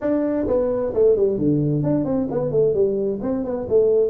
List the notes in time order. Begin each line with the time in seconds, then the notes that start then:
0.01 D4
0.47 B3
0.93 A3
1.16 G3
1.38 D3
1.83 D4
2.04 C4
2.30 B3
2.51 A3
2.74 G3
3.21 C4
3.44 B3
3.69 A3